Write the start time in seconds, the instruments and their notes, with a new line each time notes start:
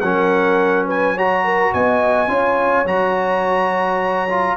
0.00 tuba F#3, trombone C#4, horn A#4, trumpet F#5
0.86 horn B4, trumpet G#5
1.14 trombone F#4, horn C#5, trumpet A#5
1.44 horn A#4
1.73 tuba B3, horn D#5, trumpet G#5
2.28 tuba C#4, trombone F4, horn C#5
2.85 tuba F#3, trombone F#4, trumpet A#5
4.30 trombone F4